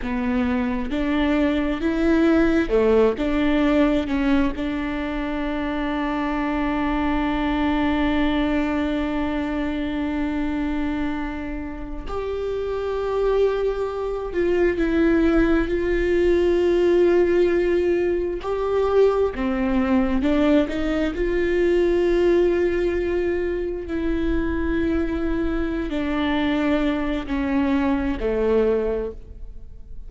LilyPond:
\new Staff \with { instrumentName = "viola" } { \time 4/4 \tempo 4 = 66 b4 d'4 e'4 a8 d'8~ | d'8 cis'8 d'2.~ | d'1~ | d'4~ d'16 g'2~ g'8 f'16~ |
f'16 e'4 f'2~ f'8.~ | f'16 g'4 c'4 d'8 dis'8 f'8.~ | f'2~ f'16 e'4.~ e'16~ | e'8 d'4. cis'4 a4 | }